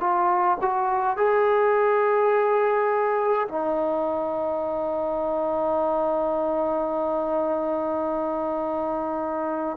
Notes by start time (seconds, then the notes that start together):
0.00 F4
0.61 F#4
1.16 G#4
3.48 D#4